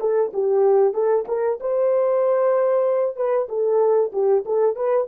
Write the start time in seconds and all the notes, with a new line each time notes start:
0.00 A4
0.33 G4
0.94 A4
1.27 A#4
1.60 C5
3.16 B4
3.48 A4
4.12 G4
4.45 A4
4.75 B4